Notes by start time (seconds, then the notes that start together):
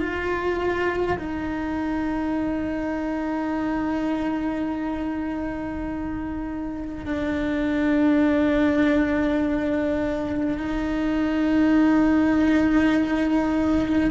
0.00 F4
1.19 D#4
7.05 D4
10.58 D#4